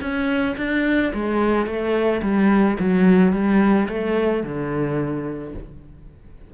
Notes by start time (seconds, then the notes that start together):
0.00 C#4
0.57 D4
1.14 G#3
1.66 A3
2.22 G3
2.79 F#3
3.32 G3
3.88 A3
4.43 D3